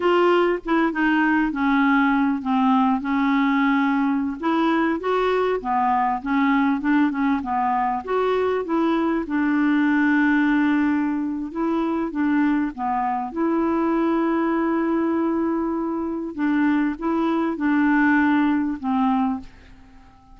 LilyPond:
\new Staff \with { instrumentName = "clarinet" } { \time 4/4 \tempo 4 = 99 f'4 e'8 dis'4 cis'4. | c'4 cis'2~ cis'16 e'8.~ | e'16 fis'4 b4 cis'4 d'8 cis'16~ | cis'16 b4 fis'4 e'4 d'8.~ |
d'2. e'4 | d'4 b4 e'2~ | e'2. d'4 | e'4 d'2 c'4 | }